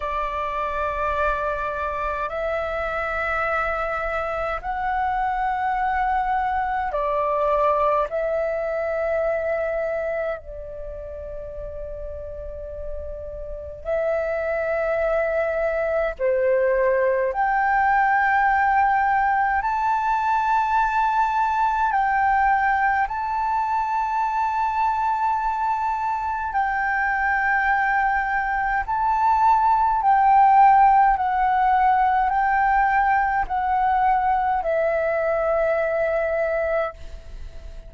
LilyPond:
\new Staff \with { instrumentName = "flute" } { \time 4/4 \tempo 4 = 52 d''2 e''2 | fis''2 d''4 e''4~ | e''4 d''2. | e''2 c''4 g''4~ |
g''4 a''2 g''4 | a''2. g''4~ | g''4 a''4 g''4 fis''4 | g''4 fis''4 e''2 | }